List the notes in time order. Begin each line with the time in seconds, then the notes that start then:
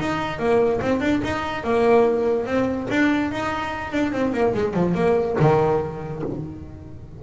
0.00 D#4
0.39 A#3
0.81 C4
1.01 D4
1.24 D#4
1.64 A#3
2.46 C4
2.90 D4
3.31 D#4
3.92 D4
4.12 C4
4.33 A#3
4.54 G#3
4.74 F3
4.95 A#3
5.40 D#3